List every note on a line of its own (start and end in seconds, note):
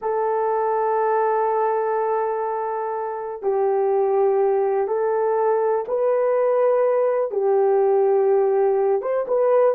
0.01 3.42 A4
3.42 4.87 G4
4.87 5.85 A4
5.88 7.31 B4
7.31 9.01 G4
9.01 9.26 C5
9.27 9.75 B4